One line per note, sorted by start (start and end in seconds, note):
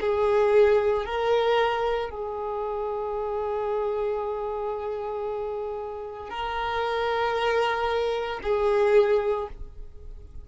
0.00 1.05 G#4
1.05 2.10 A#4
2.10 6.29 G#4
6.29 8.40 A#4
8.43 9.48 G#4